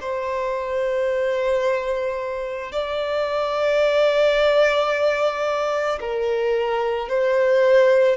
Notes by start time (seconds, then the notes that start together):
0.00 C5
2.71 D5
6.00 A#4
7.08 C5